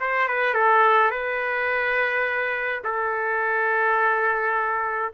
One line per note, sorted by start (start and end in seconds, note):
0.00 0.28 C5
0.28 0.54 B4
0.54 1.11 A4
1.11 2.82 B4
2.84 5.12 A4